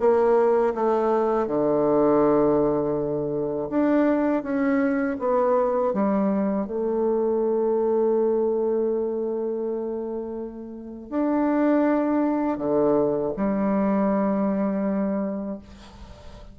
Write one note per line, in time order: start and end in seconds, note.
0.00 0.74 A#3
0.75 1.47 A3
1.47 3.69 D3
3.70 4.43 D4
4.43 5.17 C#4
5.19 5.93 B3
5.93 6.67 G3
6.67 11.10 A3
11.10 12.58 D4
12.58 13.32 D3
13.37 15.59 G3